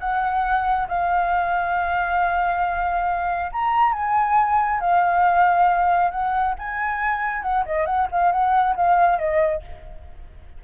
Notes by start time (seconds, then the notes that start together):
0.00 F#5
0.89 F5
3.52 A#5
3.93 G#5
4.81 F5
6.12 F#5
6.59 G#5
7.43 F#5
7.66 D#5
7.86 F#5
8.12 F5
8.32 F#5
8.76 F5
9.19 D#5